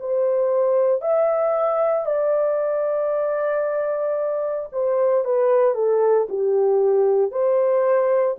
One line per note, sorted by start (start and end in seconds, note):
0.00 1.01 C5
1.01 2.06 E5
2.06 4.69 D5
4.72 5.25 C5
5.25 5.75 B4
5.75 6.28 A4
6.29 7.32 G4
7.32 8.37 C5